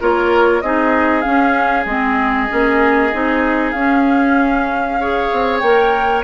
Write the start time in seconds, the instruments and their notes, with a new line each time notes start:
0.00 bassoon A#3, clarinet F4, oboe A#4, flute C#5
0.61 bassoon C4, clarinet D#4, oboe G#4, flute D#5
1.21 clarinet C#4, bassoon C#4, flute F5
1.85 bassoon G#3, clarinet C4, flute D#5
2.48 bassoon A#3, clarinet C#4
3.12 bassoon C4, clarinet D#4
3.70 bassoon C#4, clarinet C#4, flute F5
5.00 clarinet G#4, oboe C#5
5.32 bassoon C4
5.59 bassoon A#3, clarinet A#4, flute G5